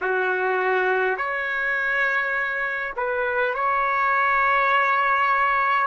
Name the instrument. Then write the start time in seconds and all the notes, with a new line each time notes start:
trumpet
0.01 F#4
1.17 C#5
2.96 B4
3.54 C#5